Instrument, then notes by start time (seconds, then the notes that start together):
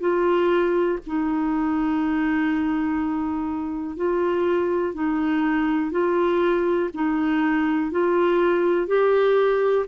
clarinet
0.00 F4
1.07 D#4
3.97 F4
4.94 D#4
5.92 F4
6.94 D#4
7.91 F4
8.87 G4